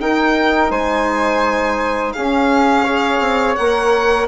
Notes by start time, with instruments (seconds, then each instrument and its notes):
0.00 bassoon D#4, saxophone D#4, flute A#4, violin G5
0.71 bassoon G#3, flute C5, violin G#5
2.13 saxophone C#4, bassoon C#4, flute G#4, violin F5
2.84 saxophone G#4, flute C#5
3.20 bassoon C4
3.56 bassoon A#3, saxophone A#4, violin F#5